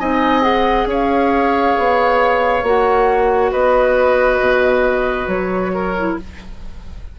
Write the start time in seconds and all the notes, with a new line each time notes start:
0.00 C4 D#4 D#5 G#5
0.42 G#4 F#5
0.86 C#4 C#5 F5
1.78 B3
2.63 A#3 F#4 F#5
3.52 B3 B4 D#5
4.41 B2
5.28 F#3 C#5
5.74 A#4
5.98 E4